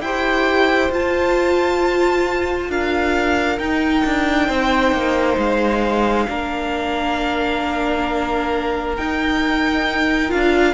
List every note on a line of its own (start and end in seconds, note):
0.00 0.90 E4
0.00 0.91 G4
0.00 2.69 C5
0.00 0.90 G5
0.90 2.69 F4
0.90 3.59 F4
0.90 2.70 A5
2.69 3.58 D4
2.69 4.47 A#4
2.69 3.59 F5
3.59 6.27 D#4
3.59 4.04 D#4
3.59 5.38 G5
4.05 4.49 D4
4.47 4.92 C4
4.47 6.26 C5
4.92 5.37 A#3
5.37 6.26 G#3
5.37 8.96 F5
6.28 8.97 A#3
6.28 8.96 D4
6.28 10.74 A#4
8.96 10.29 D#4
8.96 10.32 D#4
8.96 10.30 G5
10.29 10.74 D4
10.29 10.73 F4
10.29 10.74 F5